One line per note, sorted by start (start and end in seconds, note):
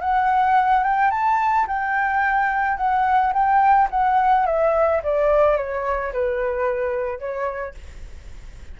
0.00 0.83 F#5
0.83 1.10 G5
1.10 1.66 A5
1.67 2.77 G5
2.77 3.33 F#5
3.33 3.88 G5
3.90 4.46 F#5
4.46 5.01 E5
5.03 5.56 D5
5.56 6.12 C#5
6.12 7.19 B4
7.19 7.74 C#5